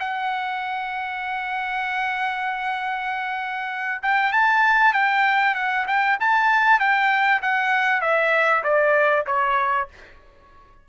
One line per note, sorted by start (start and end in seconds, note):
0.00 4.02 F#5
4.03 4.33 G5
4.33 4.94 A5
4.94 5.55 G5
5.55 5.86 F#5
5.88 6.19 G5
6.21 6.80 A5
6.80 7.42 G5
7.43 8.02 F#5
8.02 8.63 E5
8.64 9.26 D5
9.27 9.89 C#5